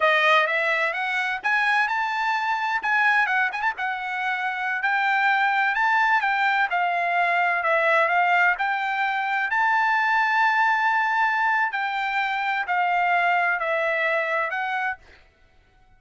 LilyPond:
\new Staff \with { instrumentName = "trumpet" } { \time 4/4 \tempo 4 = 128 dis''4 e''4 fis''4 gis''4 | a''2 gis''4 fis''8 gis''16 a''16 | fis''2~ fis''16 g''4.~ g''16~ | g''16 a''4 g''4 f''4.~ f''16~ |
f''16 e''4 f''4 g''4.~ g''16~ | g''16 a''2.~ a''8.~ | a''4 g''2 f''4~ | f''4 e''2 fis''4 | }